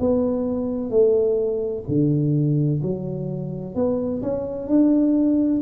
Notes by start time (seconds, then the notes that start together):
0.00 B3
0.90 A3
1.88 D3
2.83 F#3
3.75 B3
4.22 C#4
4.68 D4